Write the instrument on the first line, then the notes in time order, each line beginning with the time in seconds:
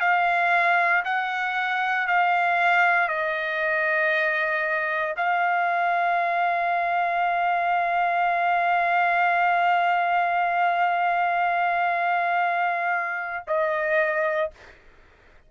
trumpet
0.00 F5
1.04 F#5
2.07 F5
3.08 D#5
5.17 F5
13.48 D#5